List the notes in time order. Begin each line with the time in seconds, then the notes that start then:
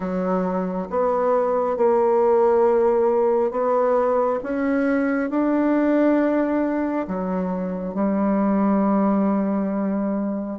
0.00 F#3
0.89 B3
1.76 A#3
3.51 B3
4.43 C#4
5.30 D4
7.07 F#3
7.94 G3